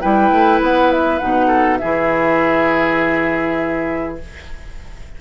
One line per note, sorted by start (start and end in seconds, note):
0.00 0.30 G3
0.00 1.20 E4
0.00 1.47 B4
0.00 0.59 G5
0.30 0.60 A3
0.61 1.21 B3
0.61 0.91 F#5
0.91 1.18 E5
1.18 1.81 B2
1.18 1.79 D#4
1.18 1.77 F#5
1.47 1.77 A4
1.77 4.21 E3
1.77 4.20 E4
1.77 4.18 G#4
1.77 4.15 E5